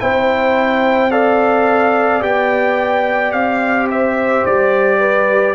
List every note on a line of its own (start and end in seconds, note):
0.00 2.23 C4
0.00 1.11 E4
0.00 1.10 C5
0.00 1.11 G5
1.10 2.21 A4
1.10 3.88 D5
1.10 2.22 F5
2.21 3.33 B3
2.21 5.55 G4
2.21 3.32 G5
3.32 4.44 C4
3.32 3.87 F5
3.90 5.00 C5
3.90 4.46 E5
4.46 5.55 G3
4.46 5.55 D5
5.00 5.55 B4